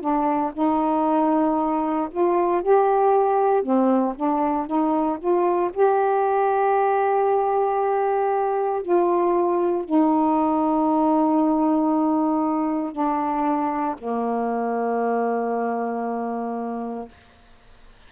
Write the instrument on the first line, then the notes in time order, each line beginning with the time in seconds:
saxophone
0.00 D4
0.53 D#4
2.11 F4
2.62 G4
3.63 C4
4.16 D4
4.66 D#4
5.19 F4
5.73 G4
8.82 F4
9.85 D#4
12.92 D4
13.98 A#3